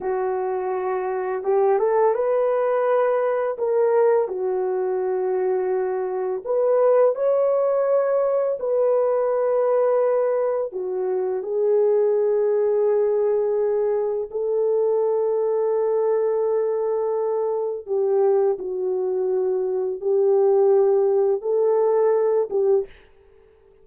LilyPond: \new Staff \with { instrumentName = "horn" } { \time 4/4 \tempo 4 = 84 fis'2 g'8 a'8 b'4~ | b'4 ais'4 fis'2~ | fis'4 b'4 cis''2 | b'2. fis'4 |
gis'1 | a'1~ | a'4 g'4 fis'2 | g'2 a'4. g'8 | }